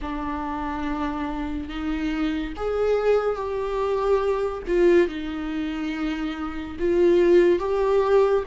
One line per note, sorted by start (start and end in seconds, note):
0.01 1.69 D4
1.69 2.53 D#4
2.56 3.36 G#4
3.36 4.62 G4
4.67 5.07 F4
5.07 6.76 D#4
6.79 7.59 F4
7.59 8.44 G4